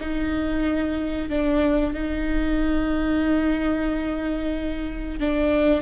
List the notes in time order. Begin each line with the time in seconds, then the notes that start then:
0.00 D#4
1.29 D4
1.94 D#4
5.19 D4